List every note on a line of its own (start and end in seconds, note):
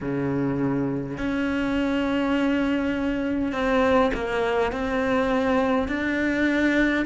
0.00 1.17 C#3
1.17 3.52 C#4
3.52 4.11 C4
4.13 4.72 A#3
4.72 5.88 C4
5.88 7.05 D4